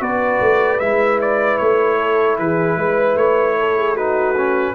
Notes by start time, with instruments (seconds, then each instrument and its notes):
0.00 tuba B3, trombone F#4, horn B4, trumpet D5
0.40 tuba A3
0.79 tuba G#3, trombone E4, trumpet E5
1.21 trumpet D5
1.57 tuba A3, trumpet C#5
1.99 horn A4
2.38 tuba E3, horn G#4, trumpet B4
2.76 tuba G#3, horn B4
3.15 tuba A3, trumpet C#5
3.59 horn A4
3.77 horn G#4
3.94 trombone D#4, horn F#4, trumpet B4
4.37 trombone C#4